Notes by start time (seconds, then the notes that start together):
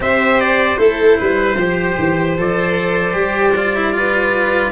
0.00 C4 G4 C5 E5
0.40 D5
0.77 A3 E4 A4 C5
1.18 G3 B4
1.55 F3 G4 C5
1.98 E3
2.37 F3 A4 D5
3.13 G3 G4
3.56 F4
3.75 E4
3.93 F4 B4